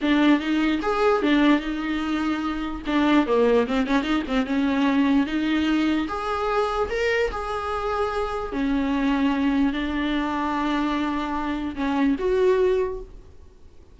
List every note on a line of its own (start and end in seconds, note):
0.01 0.40 D4
0.40 0.80 D#4
0.81 1.22 G#4
1.22 1.60 D4
1.60 2.81 D#4
2.86 3.26 D4
3.26 3.67 A#3
3.67 3.86 C4
3.86 4.02 C#4
4.02 4.23 D#4
4.27 4.46 C4
4.46 5.26 C#4
5.26 6.07 D#4
6.08 6.89 G#4
6.90 7.30 A#4
7.31 8.52 G#4
8.52 9.72 C#4
9.72 11.75 D4
11.75 12.16 C#4
12.18 13.00 F#4